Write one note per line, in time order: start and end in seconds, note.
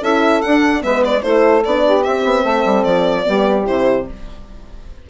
0.00 0.41 C#4
0.00 0.43 E4
0.00 0.81 A4
0.00 0.41 E5
0.41 0.80 D4
0.41 0.84 D4
0.41 0.82 F#5
0.80 1.23 G#3
0.80 1.21 B3
0.80 1.22 B4
0.80 1.03 E5
1.04 1.22 D5
1.22 1.64 A3
1.22 1.63 E4
1.22 1.83 A4
1.22 1.63 C5
1.64 2.06 B3
1.64 2.03 D4
1.64 2.03 D5
1.84 2.42 G4
2.03 3.24 C4
2.03 2.24 C4
2.03 2.83 E5
2.24 2.44 B3
2.42 2.64 A3
2.42 3.23 A4
2.65 2.85 G3
2.83 3.25 F3
2.83 3.64 D5
3.24 3.69 G3
3.24 3.65 B3
3.24 4.07 G4
3.65 4.09 C3
3.65 4.05 E4
3.65 4.07 C5